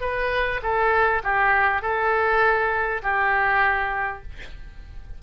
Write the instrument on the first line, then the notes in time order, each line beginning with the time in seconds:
oboe
0.00 B4
0.62 A4
1.23 G4
1.81 A4
3.02 G4